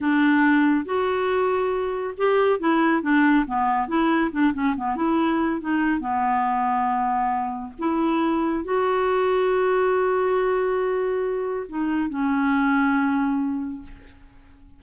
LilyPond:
\new Staff \with { instrumentName = "clarinet" } { \time 4/4 \tempo 4 = 139 d'2 fis'2~ | fis'4 g'4 e'4 d'4 | b4 e'4 d'8 cis'8 b8 e'8~ | e'4 dis'4 b2~ |
b2 e'2 | fis'1~ | fis'2. dis'4 | cis'1 | }